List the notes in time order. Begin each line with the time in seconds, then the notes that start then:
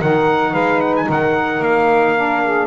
0.00 D#3 D#4 A#4 F#5
0.51 G#3 B4 F5
0.81 F#5
0.96 G#5
1.08 D#3 A#4 F#5
1.60 A#3 F5
2.16 D4
2.44 G#4